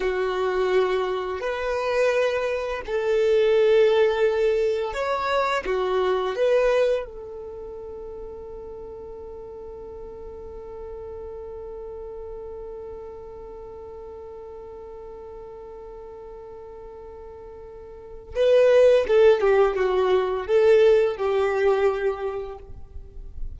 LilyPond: \new Staff \with { instrumentName = "violin" } { \time 4/4 \tempo 4 = 85 fis'2 b'2 | a'2. cis''4 | fis'4 b'4 a'2~ | a'1~ |
a'1~ | a'1~ | a'2 b'4 a'8 g'8 | fis'4 a'4 g'2 | }